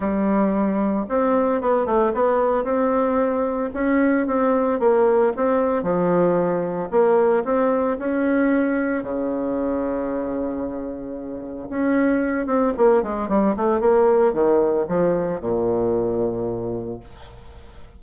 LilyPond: \new Staff \with { instrumentName = "bassoon" } { \time 4/4 \tempo 4 = 113 g2 c'4 b8 a8 | b4 c'2 cis'4 | c'4 ais4 c'4 f4~ | f4 ais4 c'4 cis'4~ |
cis'4 cis2.~ | cis2 cis'4. c'8 | ais8 gis8 g8 a8 ais4 dis4 | f4 ais,2. | }